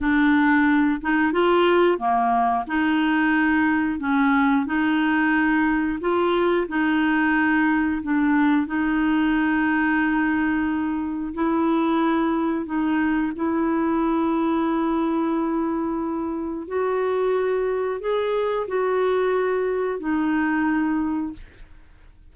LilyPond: \new Staff \with { instrumentName = "clarinet" } { \time 4/4 \tempo 4 = 90 d'4. dis'8 f'4 ais4 | dis'2 cis'4 dis'4~ | dis'4 f'4 dis'2 | d'4 dis'2.~ |
dis'4 e'2 dis'4 | e'1~ | e'4 fis'2 gis'4 | fis'2 dis'2 | }